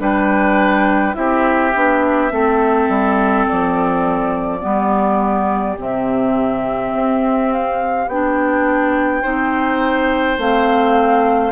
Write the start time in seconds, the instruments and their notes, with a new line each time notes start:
0.00 bassoon G3, clarinet D4, oboe B4, flute G5
1.14 bassoon C4, clarinet E4, oboe G4, flute E5
1.75 bassoon B3, clarinet D4
2.31 bassoon A3, clarinet C4, oboe A4
2.89 bassoon G3
3.48 bassoon F3, flute D5
4.61 bassoon G3, clarinet B3, oboe G4
5.78 bassoon C3, clarinet C4, flute E5
6.94 bassoon C4
7.53 flute F5
8.08 bassoon B3, clarinet D4, flute G5
9.22 bassoon C4, clarinet D#4, oboe C5
10.38 bassoon A3, clarinet C4, flute F5